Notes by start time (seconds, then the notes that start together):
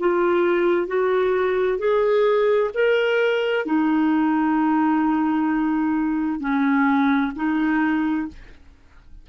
0.00 F4
0.87 F#4
1.79 G#4
2.74 A#4
3.66 D#4
6.40 C#4
7.36 D#4